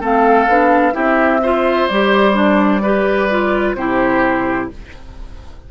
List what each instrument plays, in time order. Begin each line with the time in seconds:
0.00 bassoon A3, clarinet C4, oboe A4, flute F5
0.47 bassoon B3, clarinet D4
0.92 bassoon C4, clarinet E4, oboe G4, flute E5
1.42 clarinet F4, oboe C5
1.88 bassoon G3, clarinet G4, flute D5
2.33 clarinet D4
2.82 clarinet G4, oboe B4
3.30 clarinet F4
3.74 bassoon C3, clarinet E4, oboe G4, flute C5